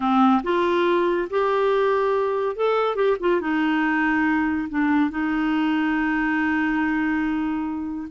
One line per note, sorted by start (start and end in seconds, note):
0.00 0.42 C4
0.43 1.28 F4
1.30 2.56 G4
2.56 2.95 A4
2.95 3.17 G4
3.20 3.40 F4
3.40 4.68 D#4
4.69 5.10 D4
5.10 8.08 D#4